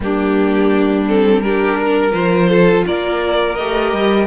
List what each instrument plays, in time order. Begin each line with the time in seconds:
0.00 cello G3, viola A#3, violin D4 G4
1.08 viola C4, violin A4
1.41 viola D4, violin G4 A#4
1.80 violin A#4
2.11 cello F3, viola F4, violin C5
2.49 violin A4
2.86 cello A#3, violin A#4 D5
3.54 cello A3, viola G4, violin D#5
3.92 cello G3